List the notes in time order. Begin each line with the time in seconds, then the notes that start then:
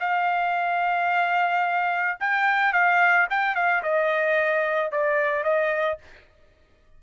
0.00 F5
2.20 G5
2.73 F5
3.30 G5
3.55 F5
3.83 D#5
4.92 D5
5.44 D#5